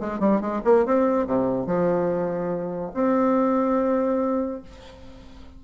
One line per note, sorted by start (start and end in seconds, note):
0.00 0.20 G#3
0.20 0.41 G3
0.41 0.62 G#3
0.64 0.85 A#3
0.85 1.27 C4
1.27 1.66 C3
1.66 2.92 F3
2.94 4.62 C4